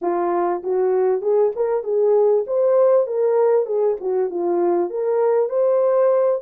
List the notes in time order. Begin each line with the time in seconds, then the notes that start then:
0.01 F4
0.63 F#4
1.21 G#4
1.55 A#4
1.83 G#4
2.46 C5
3.06 A#4
3.66 G#4
4.00 F#4
4.29 F4
4.90 A#4
5.49 C5